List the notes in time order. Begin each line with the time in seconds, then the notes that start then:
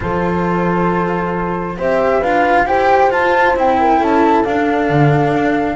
0.00 F3 F4 A4 C5
1.77 C4 G4 C5 E5
2.19 D4 F4 B4 F5
2.65 E4 G4 C5 G5
3.10 F4 A5
3.56 C4 E4 G5
3.79 A#4
3.98 C#4 A4 A5
4.44 D4 F5
4.89 D3
5.33 D4